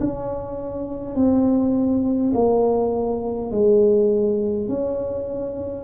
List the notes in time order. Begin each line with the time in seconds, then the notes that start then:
0.00 C#4
1.16 C4
2.34 A#3
3.51 G#3
4.68 C#4